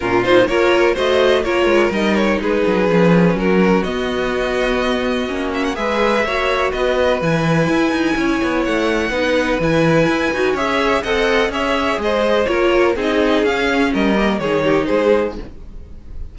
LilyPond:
<<
  \new Staff \with { instrumentName = "violin" } { \time 4/4 \tempo 4 = 125 ais'8 c''8 cis''4 dis''4 cis''4 | dis''8 cis''8 b'2 ais'4 | dis''2.~ dis''8 e''16 fis''16 | e''2 dis''4 gis''4~ |
gis''2 fis''2 | gis''2 e''4 fis''4 | e''4 dis''4 cis''4 dis''4 | f''4 dis''4 cis''4 c''4 | }
  \new Staff \with { instrumentName = "violin" } { \time 4/4 f'4 ais'4 c''4 ais'4~ | ais'4 gis'2 fis'4~ | fis'1 | b'4 cis''4 b'2~ |
b'4 cis''2 b'4~ | b'2 cis''4 dis''4 | cis''4 c''4 ais'4 gis'4~ | gis'4 ais'4 gis'8 g'8 gis'4 | }
  \new Staff \with { instrumentName = "viola" } { \time 4/4 cis'8 dis'8 f'4 fis'4 f'4 | dis'2 cis'2 | b2. cis'4 | gis'4 fis'2 e'4~ |
e'2. dis'4 | e'4. fis'8 gis'4 a'4 | gis'2 f'4 dis'4 | cis'4. ais8 dis'2 | }
  \new Staff \with { instrumentName = "cello" } { \time 4/4 ais,4 ais4 a4 ais8 gis8 | g4 gis8 fis8 f4 fis4 | b2. ais4 | gis4 ais4 b4 e4 |
e'8 dis'8 cis'8 b8 a4 b4 | e4 e'8 dis'8 cis'4 c'4 | cis'4 gis4 ais4 c'4 | cis'4 g4 dis4 gis4 | }
>>